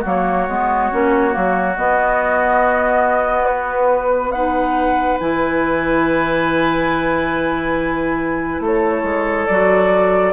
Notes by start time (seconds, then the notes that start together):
0.00 F#3 A#3 F#4
0.07 C#5
0.47 G#3 B3
0.91 A#3 C#4
1.31 F#3 A#3
1.76 B3 D#5
3.46 B4
4.31 D#4 B4 F#5
5.20 E3 E4 G#5
8.60 A3 A4 C#5
9.03 G#3
9.47 F#3 F#4 D5